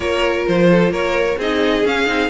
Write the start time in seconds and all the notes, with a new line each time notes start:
0.00 A#3 F4 A#4 C#5
0.47 F3 C5
0.70 A4
0.90 A#3 A#4 C#5
1.37 C4 D#4 G#4 D#5
1.84 C#4 F5
2.06 C4 D#4